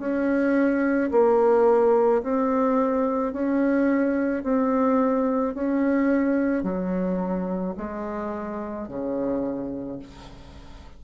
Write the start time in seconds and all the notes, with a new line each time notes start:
0.00 C#4
1.12 A#3
2.23 C4
3.33 C#4
4.44 C4
5.55 C#4
6.64 F#3
7.78 G#3
8.89 C#3